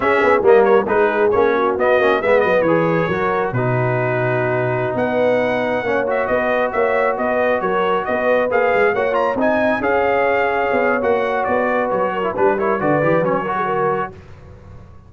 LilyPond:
<<
  \new Staff \with { instrumentName = "trumpet" } { \time 4/4 \tempo 4 = 136 e''4 dis''8 cis''8 b'4 cis''4 | dis''4 e''8 dis''8 cis''2 | b'2.~ b'16 fis''8.~ | fis''4.~ fis''16 e''8 dis''4 e''8.~ |
e''16 dis''4 cis''4 dis''4 f''8.~ | f''16 fis''8 ais''8 gis''4 f''4.~ f''16~ | f''4 fis''4 d''4 cis''4 | b'8 cis''8 d''4 cis''2 | }
  \new Staff \with { instrumentName = "horn" } { \time 4/4 gis'4 ais'4 gis'4. fis'8~ | fis'4 b'2 ais'4 | fis'2.~ fis'16 b'8.~ | b'4~ b'16 cis''4 b'4 cis''8.~ |
cis''16 b'4 ais'4 b'4.~ b'16~ | b'16 cis''4 dis''4 cis''4.~ cis''16~ | cis''2~ cis''8 b'4 ais'8 | b'8 ais'8 b'4. ais'16 gis'16 ais'4 | }
  \new Staff \with { instrumentName = "trombone" } { \time 4/4 cis'4 ais4 dis'4 cis'4 | b8 cis'8 b4 gis'4 fis'4 | dis'1~ | dis'4~ dis'16 cis'8 fis'2~ fis'16~ |
fis'2.~ fis'16 gis'8.~ | gis'16 fis'8 f'8 dis'4 gis'4.~ gis'16~ | gis'4 fis'2~ fis'8. e'16 | d'8 e'8 fis'8 g'8 cis'8 fis'4. | }
  \new Staff \with { instrumentName = "tuba" } { \time 4/4 cis'8 b8 g4 gis4 ais4 | b8 ais8 gis8 fis8 e4 fis4 | b,2.~ b,16 b8.~ | b4~ b16 ais4 b4 ais8.~ |
ais16 b4 fis4 b4 ais8 gis16~ | gis16 ais4 c'4 cis'4.~ cis'16~ | cis'16 b8. ais4 b4 fis4 | g4 d8 e8 fis2 | }
>>